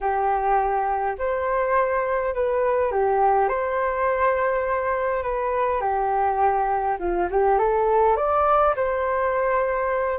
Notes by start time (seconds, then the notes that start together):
0.00 G4
1.18 C5
2.34 B4
2.91 G4
3.48 C5
5.23 B4
5.81 G4
6.99 F4
7.30 G4
7.58 A4
8.16 D5
8.76 C5